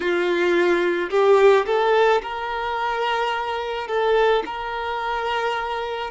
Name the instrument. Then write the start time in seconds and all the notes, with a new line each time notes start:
violin
0.00 F4
1.10 G4
1.66 A4
2.22 A#4
3.87 A4
4.45 A#4